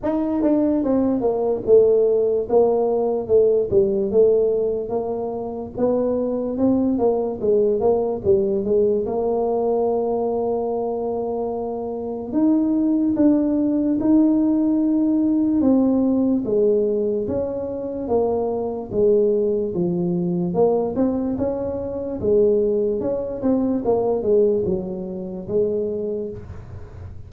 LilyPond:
\new Staff \with { instrumentName = "tuba" } { \time 4/4 \tempo 4 = 73 dis'8 d'8 c'8 ais8 a4 ais4 | a8 g8 a4 ais4 b4 | c'8 ais8 gis8 ais8 g8 gis8 ais4~ | ais2. dis'4 |
d'4 dis'2 c'4 | gis4 cis'4 ais4 gis4 | f4 ais8 c'8 cis'4 gis4 | cis'8 c'8 ais8 gis8 fis4 gis4 | }